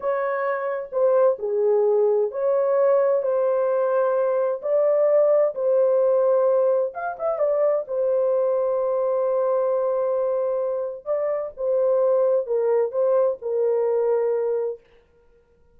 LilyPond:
\new Staff \with { instrumentName = "horn" } { \time 4/4 \tempo 4 = 130 cis''2 c''4 gis'4~ | gis'4 cis''2 c''4~ | c''2 d''2 | c''2. f''8 e''8 |
d''4 c''2.~ | c''1 | d''4 c''2 ais'4 | c''4 ais'2. | }